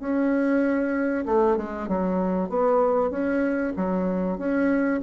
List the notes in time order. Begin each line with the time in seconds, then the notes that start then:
0.00 C#4
1.26 A3
1.57 G#3
1.88 F#3
2.49 B3
3.11 C#4
3.77 F#3
4.38 C#4